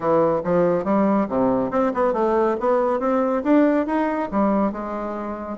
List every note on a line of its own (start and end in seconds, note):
0.00 0.41 E3
0.44 0.84 F3
0.84 1.27 G3
1.28 1.70 C3
1.70 1.92 C4
1.94 2.13 B3
2.13 2.56 A3
2.59 2.99 B3
2.99 3.42 C4
3.43 3.86 D4
3.86 4.29 D#4
4.31 4.72 G3
4.72 5.57 G#3